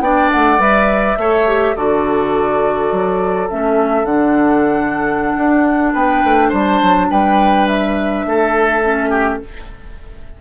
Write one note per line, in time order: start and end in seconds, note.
0.00 0.29 B3
0.00 0.59 D4
0.00 1.19 D5
0.00 0.31 G5
0.32 0.59 A3
0.32 0.61 F#5
0.59 1.17 G3
0.59 1.17 B4
0.59 1.76 E5
1.17 1.75 A3
1.17 1.47 A4
1.17 1.76 C#5
1.47 1.76 G4
1.76 2.91 D3
1.76 3.50 F#4
1.76 5.93 A4
1.76 3.49 D5
2.92 3.49 F#3
3.50 4.04 A3
3.50 4.06 C#4
3.50 4.05 E5
4.04 5.34 D3
4.04 8.81 D4
4.04 5.93 F#5
5.37 5.94 D4
5.93 6.23 B3
5.93 6.49 B4
5.93 6.51 G5
6.24 6.53 A3
6.49 6.81 G3
6.49 7.06 C5
6.49 7.11 A5
6.82 7.10 F#3
7.10 8.26 G3
7.10 8.26 B4
7.10 7.68 G5
7.68 9.41 E5
8.26 9.41 A3
8.26 9.10 A4
8.84 9.41 C#4
9.10 9.39 G4